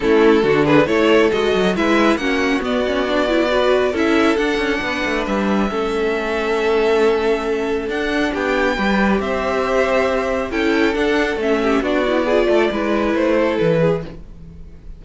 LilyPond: <<
  \new Staff \with { instrumentName = "violin" } { \time 4/4 \tempo 4 = 137 a'4. b'8 cis''4 dis''4 | e''4 fis''4 d''2~ | d''4 e''4 fis''2 | e''1~ |
e''2 fis''4 g''4~ | g''4 e''2. | g''4 fis''4 e''4 d''4~ | d''2 c''4 b'4 | }
  \new Staff \with { instrumentName = "violin" } { \time 4/4 e'4 fis'8 gis'8 a'2 | b'4 fis'2. | b'4 a'2 b'4~ | b'4 a'2.~ |
a'2. g'4 | b'4 c''2. | a'2~ a'8 g'8 fis'4 | gis'8 a'8 b'4. a'4 gis'8 | }
  \new Staff \with { instrumentName = "viola" } { \time 4/4 cis'4 d'4 e'4 fis'4 | e'4 cis'4 b8 cis'8 d'8 e'8 | fis'4 e'4 d'2~ | d'4 cis'2.~ |
cis'2 d'2 | g'1 | e'4 d'4 cis'4 d'8 e'8 | f'4 e'2. | }
  \new Staff \with { instrumentName = "cello" } { \time 4/4 a4 d4 a4 gis8 fis8 | gis4 ais4 b2~ | b4 cis'4 d'8 cis'8 b8 a8 | g4 a2.~ |
a2 d'4 b4 | g4 c'2. | cis'4 d'4 a4 b4~ | b8 a8 gis4 a4 e4 | }
>>